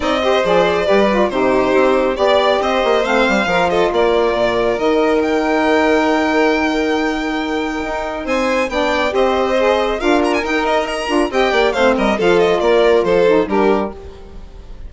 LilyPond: <<
  \new Staff \with { instrumentName = "violin" } { \time 4/4 \tempo 4 = 138 dis''4 d''2 c''4~ | c''4 d''4 dis''4 f''4~ | f''8 dis''8 d''2 dis''4 | g''1~ |
g''2. gis''4 | g''4 dis''2 f''8 ais''16 gis''16 | g''8 dis''8 ais''4 g''4 f''8 dis''8 | f''8 dis''8 d''4 c''4 ais'4 | }
  \new Staff \with { instrumentName = "violin" } { \time 4/4 d''8 c''4. b'4 g'4~ | g'4 d''4 c''2 | ais'8 a'8 ais'2.~ | ais'1~ |
ais'2. c''4 | d''4 c''2 ais'4~ | ais'2 dis''8 d''8 c''8 ais'8 | a'4 ais'4 a'4 g'4 | }
  \new Staff \with { instrumentName = "saxophone" } { \time 4/4 dis'8 g'8 gis'4 g'8 f'8 dis'4~ | dis'4 g'2 c'4 | f'2. dis'4~ | dis'1~ |
dis'1 | d'4 g'4 gis'4 f'4 | dis'4. f'8 g'4 c'4 | f'2~ f'8 dis'8 d'4 | }
  \new Staff \with { instrumentName = "bassoon" } { \time 4/4 c'4 f4 g4 c4 | c'4 b4 c'8 ais8 a8 g8 | f4 ais4 ais,4 dis4~ | dis1~ |
dis2 dis'4 c'4 | b4 c'2 d'4 | dis'4. d'8 c'8 ais8 a8 g8 | f4 ais4 f4 g4 | }
>>